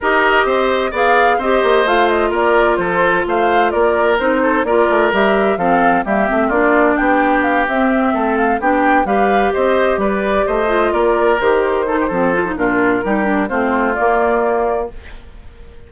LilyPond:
<<
  \new Staff \with { instrumentName = "flute" } { \time 4/4 \tempo 4 = 129 dis''2 f''4 dis''4 | f''8 dis''8 d''4 c''4 f''4 | d''4 c''4 d''4 e''4 | f''4 e''4 d''4 g''4 |
f''8 e''4. f''8 g''4 f''8~ | f''8 dis''4 d''4 dis''4 d''8~ | d''8 c''2~ c''8 ais'4~ | ais'4 c''4 d''2 | }
  \new Staff \with { instrumentName = "oboe" } { \time 4/4 ais'4 c''4 d''4 c''4~ | c''4 ais'4 a'4 c''4 | ais'4. a'8 ais'2 | a'4 g'4 f'4 g'4~ |
g'4. a'4 g'4 b'8~ | b'8 c''4 b'4 c''4 ais'8~ | ais'4. a'16 g'16 a'4 f'4 | g'4 f'2. | }
  \new Staff \with { instrumentName = "clarinet" } { \time 4/4 g'2 gis'4 g'4 | f'1~ | f'4 dis'4 f'4 g'4 | c'4 ais8 c'8 d'2~ |
d'8 c'2 d'4 g'8~ | g'2. f'4~ | f'8 g'4 dis'8 c'8 f'16 dis'16 d'4 | dis'8 d'8 c'4 ais2 | }
  \new Staff \with { instrumentName = "bassoon" } { \time 4/4 dis'4 c'4 b4 c'8 ais8 | a4 ais4 f4 a4 | ais4 c'4 ais8 a8 g4 | f4 g8 a8 ais4 b4~ |
b8 c'4 a4 b4 g8~ | g8 c'4 g4 a4 ais8~ | ais8 dis4. f4 ais,4 | g4 a4 ais2 | }
>>